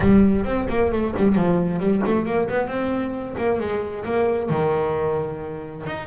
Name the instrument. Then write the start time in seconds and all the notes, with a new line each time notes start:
double bass
0.00 G3
0.44 C4
0.69 A#3
0.91 A3
1.16 G3
1.35 F3
1.79 G3
2.05 A3
2.25 A#3
2.49 B3
2.67 C4
3.37 A#3
3.59 G#3
4.04 A#3
4.49 D#3
5.86 D#4